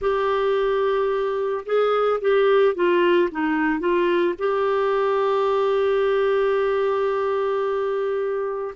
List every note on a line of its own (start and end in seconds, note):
0.01 1.65 G4
1.65 2.20 G#4
2.21 2.74 G4
2.74 3.29 F4
3.31 3.79 D#4
3.79 4.34 F4
4.38 8.74 G4